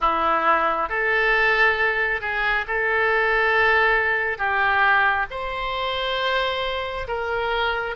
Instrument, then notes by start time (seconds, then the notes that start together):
oboe
0.00 E4
0.89 A4
2.21 G#4
2.67 A4
4.38 G4
5.30 C5
7.07 A#4